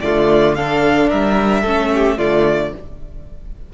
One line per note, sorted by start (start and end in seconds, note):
0.00 1.11 D3
0.00 0.56 A3
0.00 0.56 F4
0.00 0.54 D5
0.54 1.65 D4
0.54 1.09 A4
0.54 1.09 F5
1.09 1.63 G3
1.09 1.61 A#4
1.09 2.18 E5
1.61 2.17 A3
1.61 2.18 C#4
1.61 1.89 A4
1.94 2.17 G4
2.17 2.73 D3
2.17 2.73 A3
2.17 2.72 F4
2.17 2.72 D5